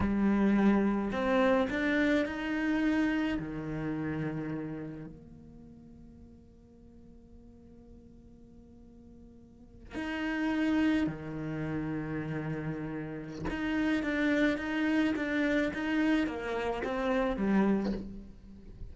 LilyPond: \new Staff \with { instrumentName = "cello" } { \time 4/4 \tempo 4 = 107 g2 c'4 d'4 | dis'2 dis2~ | dis4 ais2.~ | ais1~ |
ais4.~ ais16 dis'2 dis16~ | dis1 | dis'4 d'4 dis'4 d'4 | dis'4 ais4 c'4 g4 | }